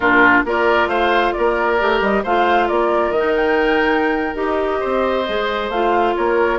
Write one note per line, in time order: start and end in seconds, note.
0.00 0.43 A#2
0.00 0.45 D4
0.00 0.43 F4
0.00 0.42 A#4
0.44 0.86 A#3
0.44 1.79 F4
0.44 0.88 A#4
0.44 0.88 D5
0.86 1.31 A3
0.86 1.33 C5
0.86 1.32 F5
1.32 1.81 A#3
1.32 2.23 A#4
1.32 2.00 D5
1.79 2.00 A3
1.79 2.24 G4
2.00 2.23 G3
2.00 2.24 D#5
2.23 2.69 A3
2.23 3.16 F4
2.23 2.68 C5
2.23 2.67 F5
2.67 3.10 A#3
2.67 4.80 A#4
2.67 3.12 D5
3.10 4.33 D#3
3.10 3.34 D#5
3.16 4.35 D#4
3.35 4.36 G5
4.34 4.79 D#4
4.34 5.24 G4
4.34 5.70 D#5
4.80 5.28 C4
4.80 6.14 C5
5.28 5.69 G#3
5.28 5.72 G#4
5.69 6.13 A3
5.69 6.59 F4
5.69 6.15 F5
6.16 6.59 A#3
6.16 6.59 A#4
6.16 6.59 C#5